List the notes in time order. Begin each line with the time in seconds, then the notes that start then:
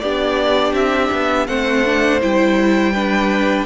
0.00 B3 D4 G4 D5
0.73 C4 E5
1.12 B3
1.47 A3 C4 C5 F#5
1.85 D4
2.20 G3 E4 G5
2.93 D4 B4